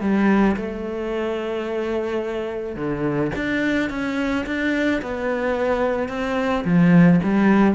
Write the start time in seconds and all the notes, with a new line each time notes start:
0.00 G3
0.56 A3
2.76 D3
3.35 D4
3.89 C#4
4.46 D4
5.02 B3
6.08 C4
6.64 F3
7.23 G3